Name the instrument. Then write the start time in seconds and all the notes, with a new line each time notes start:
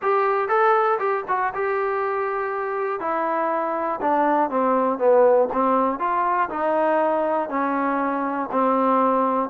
trombone
0.01 G4
0.48 A4
0.99 G4
1.27 F#4
1.54 G4
3.00 E4
4.00 D4
4.50 C4
4.98 B3
5.52 C4
5.99 F4
6.49 D#4
7.49 C#4
8.51 C4